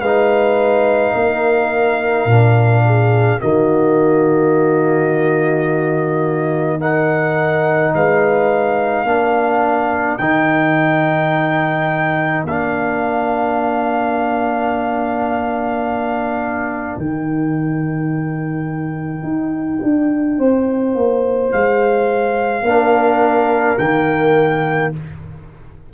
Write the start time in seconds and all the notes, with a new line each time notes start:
0.00 G#3 D#4 B4 F5
1.14 A#3 A#4
2.25 A#2 D4
2.85 G#4
3.39 D#3 A#3 F#4 D#5
6.79 D#4 A#4 F#5
7.94 G#3 B4 F5
9.04 A#3 D4 A#4
10.18 D#3 D#4 G5
12.44 A#3 D4 F5
16.97 D#3 D#4 G5
19.23 D#4
19.83 D4
20.38 C4 C5
20.95 A#3
21.52 G#3 F5
22.62 A#3 D4 A#4
23.78 D#3 A#3 G5